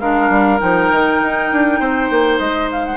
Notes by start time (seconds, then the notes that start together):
0.00 G#3 D4 A#4 F5
0.30 G3
0.59 F3 D#4 G5
0.92 D#3
1.22 D#4
1.52 D4
1.80 C4 C5
2.10 A#3
2.39 G#3 D#5
2.72 F5
2.85 F#5